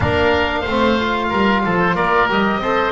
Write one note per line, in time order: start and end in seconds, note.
0.00 0.65 A#3
0.00 0.65 D4
0.00 0.60 A#4
0.00 1.78 F5
0.60 1.31 A3
0.60 1.26 C5
0.68 0.99 C4
0.99 2.29 F4
1.29 1.64 G3
1.29 1.61 A#4
1.65 1.95 F3
1.65 1.95 A4
1.79 1.95 C5
1.95 2.28 A#3
1.95 2.60 A#4
1.95 2.28 D5
2.28 2.56 G3
2.28 2.62 G4
2.28 2.91 D#5
2.56 2.89 C4
2.56 2.91 C5
2.63 2.91 A4